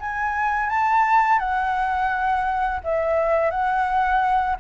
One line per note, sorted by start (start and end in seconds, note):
0.00 0.70 G#5
0.70 1.39 A5
1.39 2.80 F#5
2.84 3.50 E5
3.50 4.56 F#5